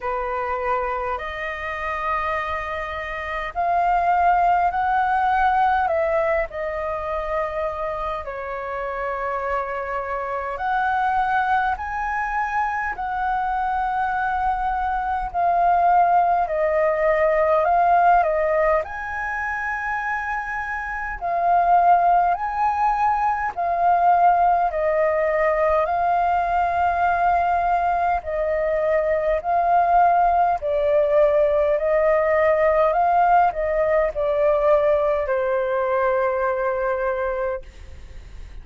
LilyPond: \new Staff \with { instrumentName = "flute" } { \time 4/4 \tempo 4 = 51 b'4 dis''2 f''4 | fis''4 e''8 dis''4. cis''4~ | cis''4 fis''4 gis''4 fis''4~ | fis''4 f''4 dis''4 f''8 dis''8 |
gis''2 f''4 gis''4 | f''4 dis''4 f''2 | dis''4 f''4 d''4 dis''4 | f''8 dis''8 d''4 c''2 | }